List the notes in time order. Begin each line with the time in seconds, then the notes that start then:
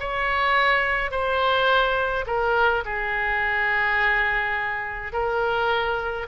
0.00 C#5
1.11 C5
2.27 A#4
2.85 G#4
5.13 A#4